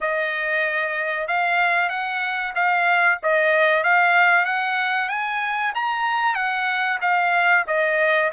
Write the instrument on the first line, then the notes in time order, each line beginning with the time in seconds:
trumpet
0.00 D#5
1.27 F5
1.89 F#5
2.55 F5
3.22 D#5
3.83 F5
4.45 F#5
5.08 G#5
5.74 A#5
6.34 F#5
7.01 F5
7.67 D#5